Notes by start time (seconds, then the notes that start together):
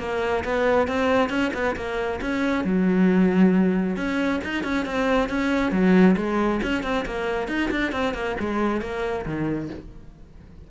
0.00 A#3
0.45 B3
0.88 C4
1.30 C#4
1.54 B3
1.76 A#3
2.22 C#4
2.65 F#3
3.96 C#4
4.44 D#4
4.64 C#4
4.86 C4
5.29 C#4
5.72 F#3
6.17 G#3
6.63 C#4
6.83 C4
7.06 A#3
7.48 D#4
7.71 D4
7.92 C4
8.14 A#3
8.40 G#3
8.81 A#3
9.26 D#3